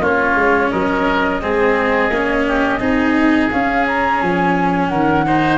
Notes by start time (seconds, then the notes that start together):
0.00 A#3 C#4 F4 C#5
0.35 G#3
0.71 F#3 A#4 D#5
1.41 G#3 C4 G#4
2.09 A#3 C#4
2.47 G4
2.79 C4 D#4 G#4
3.50 C#4 F5
3.88 A#5
4.21 F3 G#5
4.89 D#3 A#4 F#5
5.26 D#4 C5